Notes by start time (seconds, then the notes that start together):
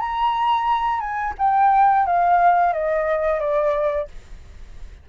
0.00 A#5
1.00 G#5
1.38 G5
2.06 F5
2.73 D#5
3.40 D5